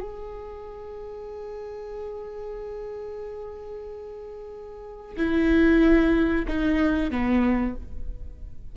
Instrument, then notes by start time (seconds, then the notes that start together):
viola
0.00 G#4
5.17 E4
6.48 D#4
7.11 B3